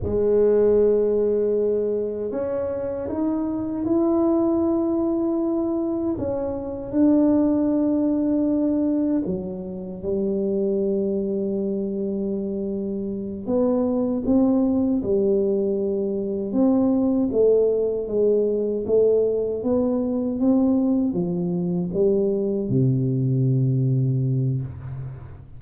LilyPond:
\new Staff \with { instrumentName = "tuba" } { \time 4/4 \tempo 4 = 78 gis2. cis'4 | dis'4 e'2. | cis'4 d'2. | fis4 g2.~ |
g4. b4 c'4 g8~ | g4. c'4 a4 gis8~ | gis8 a4 b4 c'4 f8~ | f8 g4 c2~ c8 | }